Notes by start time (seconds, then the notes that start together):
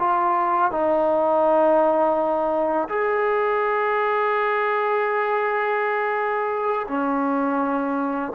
0.00 F4
0.72 D#4
2.89 G#4
6.88 C#4